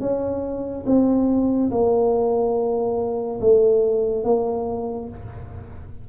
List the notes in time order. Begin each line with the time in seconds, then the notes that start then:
0.00 C#4
0.86 C4
1.71 A#3
3.40 A3
4.24 A#3